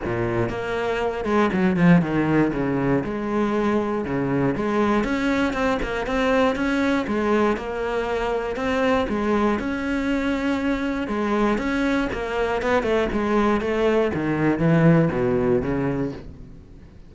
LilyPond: \new Staff \with { instrumentName = "cello" } { \time 4/4 \tempo 4 = 119 ais,4 ais4. gis8 fis8 f8 | dis4 cis4 gis2 | cis4 gis4 cis'4 c'8 ais8 | c'4 cis'4 gis4 ais4~ |
ais4 c'4 gis4 cis'4~ | cis'2 gis4 cis'4 | ais4 b8 a8 gis4 a4 | dis4 e4 b,4 cis4 | }